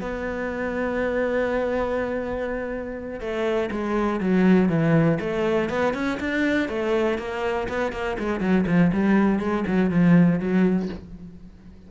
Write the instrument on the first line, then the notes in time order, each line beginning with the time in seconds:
cello
0.00 B3
3.20 A3
3.71 G#3
4.20 F#3
4.69 E3
5.20 A3
5.69 B3
5.94 C#4
6.20 D4
6.69 A3
7.18 A#3
7.68 B3
7.92 A#3
8.19 G#3
8.40 F#3
8.66 F3
8.92 G3
9.39 G#3
9.67 F#3
9.90 F3
10.39 F#3